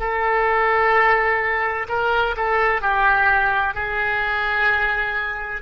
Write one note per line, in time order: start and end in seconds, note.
0.00 1.87 A4
1.89 2.36 A#4
2.37 2.82 A4
2.82 3.75 G4
3.75 5.62 G#4